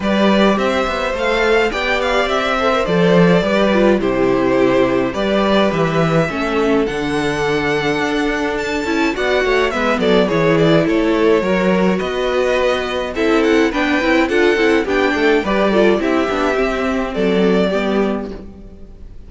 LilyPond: <<
  \new Staff \with { instrumentName = "violin" } { \time 4/4 \tempo 4 = 105 d''4 e''4 f''4 g''8 f''8 | e''4 d''2 c''4~ | c''4 d''4 e''2 | fis''2. a''4 |
fis''4 e''8 d''8 cis''8 d''8 cis''4~ | cis''4 dis''2 e''8 fis''8 | g''4 fis''4 g''4 d''4 | e''2 d''2 | }
  \new Staff \with { instrumentName = "violin" } { \time 4/4 b'4 c''2 d''4~ | d''8 c''4. b'4 g'4~ | g'4 b'2 a'4~ | a'1 |
d''8 cis''8 b'8 a'8 gis'4 a'4 | ais'4 b'2 a'4 | b'4 a'4 g'8 a'8 b'8 a'8 | g'2 a'4 g'4 | }
  \new Staff \with { instrumentName = "viola" } { \time 4/4 g'2 a'4 g'4~ | g'8 a'16 ais'16 a'4 g'8 f'8 e'4~ | e'4 g'2 cis'4 | d'2.~ d'8 e'8 |
fis'4 b4 e'2 | fis'2. e'4 | d'8 e'8 f'8 e'8 d'4 g'8 f'8 | e'8 d'8 c'2 b4 | }
  \new Staff \with { instrumentName = "cello" } { \time 4/4 g4 c'8 b8 a4 b4 | c'4 f4 g4 c4~ | c4 g4 e4 a4 | d2 d'4. cis'8 |
b8 a8 gis8 fis8 e4 a4 | fis4 b2 c'4 | b8 c'8 d'8 c'8 b8 a8 g4 | c'8 b8 c'4 fis4 g4 | }
>>